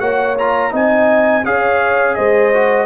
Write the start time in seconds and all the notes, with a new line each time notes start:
0.00 A#3 F#4 C#5 F#5
0.38 F4 A#5
0.71 C4 D#4 D#5 G#5
1.44 C#4 G#4 C#5 F5
2.15 G#3 C5 D#5
2.53 F#4